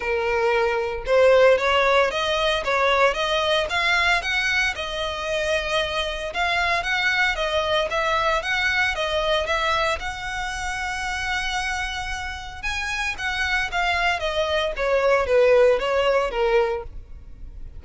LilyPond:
\new Staff \with { instrumentName = "violin" } { \time 4/4 \tempo 4 = 114 ais'2 c''4 cis''4 | dis''4 cis''4 dis''4 f''4 | fis''4 dis''2. | f''4 fis''4 dis''4 e''4 |
fis''4 dis''4 e''4 fis''4~ | fis''1 | gis''4 fis''4 f''4 dis''4 | cis''4 b'4 cis''4 ais'4 | }